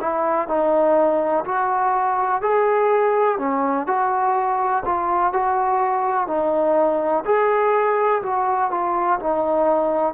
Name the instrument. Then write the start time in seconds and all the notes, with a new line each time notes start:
trombone
0.00 E4
0.48 D#4
1.44 F#4
2.41 G#4
3.38 C#4
3.87 F#4
4.85 F4
5.32 F#4
6.27 D#4
7.25 G#4
8.22 F#4
8.71 F4
9.19 D#4